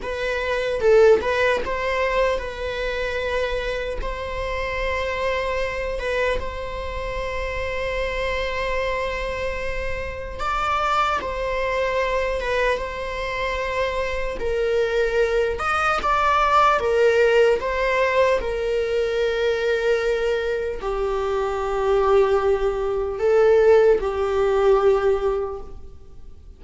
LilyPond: \new Staff \with { instrumentName = "viola" } { \time 4/4 \tempo 4 = 75 b'4 a'8 b'8 c''4 b'4~ | b'4 c''2~ c''8 b'8 | c''1~ | c''4 d''4 c''4. b'8 |
c''2 ais'4. dis''8 | d''4 ais'4 c''4 ais'4~ | ais'2 g'2~ | g'4 a'4 g'2 | }